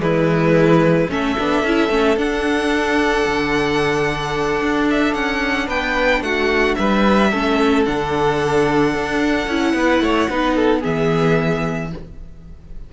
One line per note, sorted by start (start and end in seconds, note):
0.00 1.08 E3
0.00 1.08 G#3
0.00 1.12 E4
0.00 1.11 B4
1.10 1.37 A3
1.10 1.37 C#4
1.10 5.67 A4
1.10 2.19 E5
1.39 1.64 B3
1.39 1.66 D4
1.64 1.90 C#4
1.64 1.91 E4
1.90 2.17 A3
1.90 2.18 C#4
2.17 3.25 D4
2.17 7.31 D4
2.17 4.89 F#5
3.28 4.62 D3
4.62 5.15 D4
4.91 5.15 E5
5.15 5.69 C#4
5.15 5.69 F#5
5.67 6.22 B3
5.67 6.22 B4
5.67 6.23 G5
6.22 6.76 A3
6.22 6.79 F#4
6.22 6.76 F#5
6.76 7.33 G3
6.76 7.31 B4
6.76 7.84 E5
7.31 7.87 A3
7.31 7.87 C#4
7.31 9.75 A4
7.86 8.95 D3
7.86 9.49 D4
7.86 10.83 F#5
8.95 9.48 D4
9.48 9.74 C#4
9.48 10.30 E4
9.74 10.01 B3
9.74 10.04 B4
10.01 10.28 A3
10.01 10.31 C#5
10.30 10.84 B3
10.30 10.83 D#4
10.30 10.56 B4
10.56 10.81 A4
10.81 11.93 E3
10.81 11.91 B3
10.81 11.89 G#4
10.81 11.92 E5